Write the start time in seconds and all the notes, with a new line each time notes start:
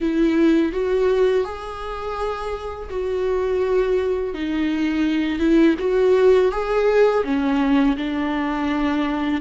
0.00 E4
0.72 F#4
1.44 G#4
2.90 F#4
4.33 D#4
5.39 E4
5.79 F#4
6.51 G#4
7.24 C#4
7.96 D4